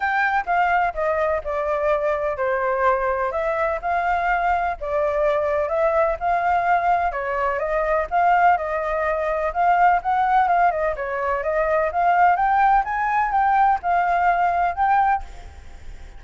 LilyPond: \new Staff \with { instrumentName = "flute" } { \time 4/4 \tempo 4 = 126 g''4 f''4 dis''4 d''4~ | d''4 c''2 e''4 | f''2 d''2 | e''4 f''2 cis''4 |
dis''4 f''4 dis''2 | f''4 fis''4 f''8 dis''8 cis''4 | dis''4 f''4 g''4 gis''4 | g''4 f''2 g''4 | }